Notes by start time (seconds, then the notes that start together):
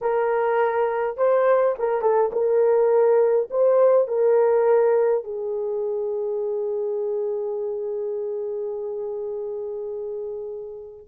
0.01 A#4
1.17 C5
1.78 A#4
2.01 A4
2.32 A#4
3.50 C5
4.07 A#4
5.24 G#4